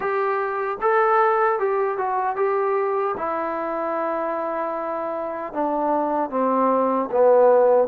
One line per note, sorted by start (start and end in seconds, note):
0.00 0.77 G4
0.81 1.59 A4
1.59 1.97 G4
1.97 2.36 F#4
2.36 3.15 G4
3.17 5.53 E4
5.53 6.30 D4
6.30 7.09 C4
7.11 7.87 B3